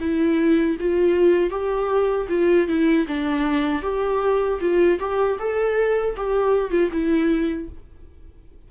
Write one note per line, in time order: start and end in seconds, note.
0.00 0.77 E4
0.80 1.50 F4
1.50 2.27 G4
2.29 2.67 F4
2.67 3.06 E4
3.07 3.83 D4
3.83 4.59 G4
4.60 4.99 F4
5.00 5.38 G4
5.39 6.16 A4
6.17 6.71 G4
6.71 6.90 F4
6.92 7.69 E4